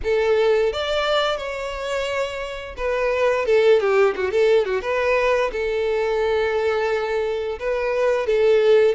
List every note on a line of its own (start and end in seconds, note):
0.03 0.72 A4
0.72 1.37 D5
1.37 2.75 C#5
2.76 3.45 B4
3.45 3.80 A4
3.80 4.14 G4
4.15 4.31 F#4
4.31 4.65 A4
4.65 4.81 F#4
4.81 5.50 B4
5.51 7.58 A4
7.59 8.26 B4
8.26 8.94 A4